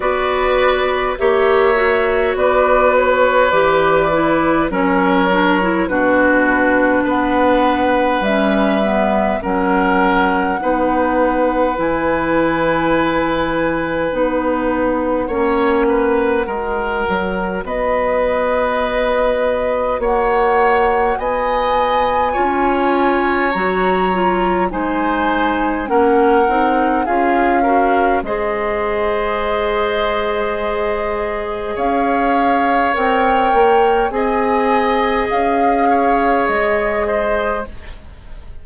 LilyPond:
<<
  \new Staff \with { instrumentName = "flute" } { \time 4/4 \tempo 4 = 51 d''4 e''4 d''8 cis''8 d''4 | cis''4 b'4 fis''4 e''4 | fis''2 gis''2 | fis''2. dis''4~ |
dis''4 fis''4 gis''2 | ais''4 gis''4 fis''4 f''4 | dis''2. f''4 | g''4 gis''4 f''4 dis''4 | }
  \new Staff \with { instrumentName = "oboe" } { \time 4/4 b'4 cis''4 b'2 | ais'4 fis'4 b'2 | ais'4 b'2.~ | b'4 cis''8 b'8 ais'4 b'4~ |
b'4 cis''4 dis''4 cis''4~ | cis''4 c''4 ais'4 gis'8 ais'8 | c''2. cis''4~ | cis''4 dis''4. cis''4 c''8 | }
  \new Staff \with { instrumentName = "clarinet" } { \time 4/4 fis'4 g'8 fis'4. g'8 e'8 | cis'8 d'16 e'16 d'2 cis'8 b8 | cis'4 dis'4 e'2 | dis'4 cis'4 fis'2~ |
fis'2. f'4 | fis'8 f'8 dis'4 cis'8 dis'8 f'8 fis'8 | gis'1 | ais'4 gis'2. | }
  \new Staff \with { instrumentName = "bassoon" } { \time 4/4 b4 ais4 b4 e4 | fis4 b,4 b4 g4 | fis4 b4 e2 | b4 ais4 gis8 fis8 b4~ |
b4 ais4 b4 cis'4 | fis4 gis4 ais8 c'8 cis'4 | gis2. cis'4 | c'8 ais8 c'4 cis'4 gis4 | }
>>